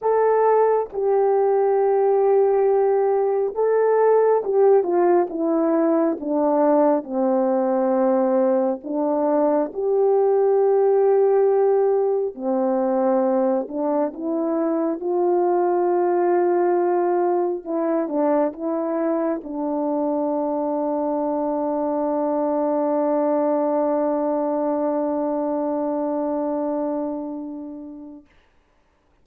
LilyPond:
\new Staff \with { instrumentName = "horn" } { \time 4/4 \tempo 4 = 68 a'4 g'2. | a'4 g'8 f'8 e'4 d'4 | c'2 d'4 g'4~ | g'2 c'4. d'8 |
e'4 f'2. | e'8 d'8 e'4 d'2~ | d'1~ | d'1 | }